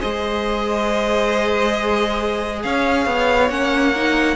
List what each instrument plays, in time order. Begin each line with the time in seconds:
0.00 cello G#3, viola G#4, violin C5 D#5
2.63 cello C#4, violin C#5 F5
3.06 cello B3
3.50 cello A#3, viola C#4, violin F#5
3.96 viola D#4